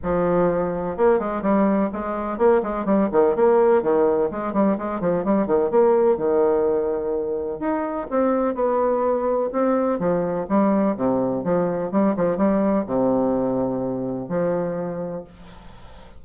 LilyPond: \new Staff \with { instrumentName = "bassoon" } { \time 4/4 \tempo 4 = 126 f2 ais8 gis8 g4 | gis4 ais8 gis8 g8 dis8 ais4 | dis4 gis8 g8 gis8 f8 g8 dis8 | ais4 dis2. |
dis'4 c'4 b2 | c'4 f4 g4 c4 | f4 g8 f8 g4 c4~ | c2 f2 | }